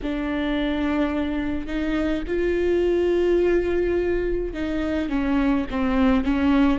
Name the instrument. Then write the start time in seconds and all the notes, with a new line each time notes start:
viola
0.02 D4
1.66 D#4
2.27 F4
4.53 D#4
5.09 C#4
5.70 C4
6.24 C#4